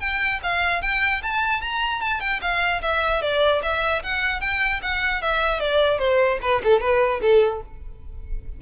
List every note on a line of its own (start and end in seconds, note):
0.00 0.40 G5
0.43 0.82 F5
0.82 1.22 G5
1.23 1.61 A5
1.61 2.01 A#5
2.01 2.20 A5
2.20 2.40 G5
2.42 2.82 F5
2.82 3.22 E5
3.22 3.62 D5
3.63 4.03 E5
4.03 4.41 F#5
4.41 4.81 G5
4.82 5.22 F#5
5.22 5.60 E5
5.60 5.99 D5
5.99 6.39 C5
6.42 6.62 B4
6.64 6.80 A4
6.80 7.20 B4
7.21 7.61 A4